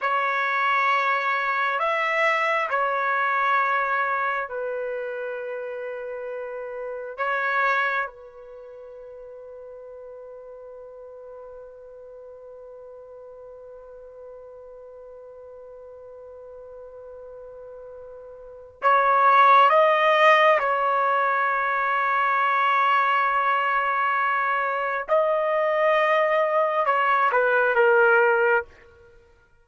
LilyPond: \new Staff \with { instrumentName = "trumpet" } { \time 4/4 \tempo 4 = 67 cis''2 e''4 cis''4~ | cis''4 b'2. | cis''4 b'2.~ | b'1~ |
b'1~ | b'4 cis''4 dis''4 cis''4~ | cis''1 | dis''2 cis''8 b'8 ais'4 | }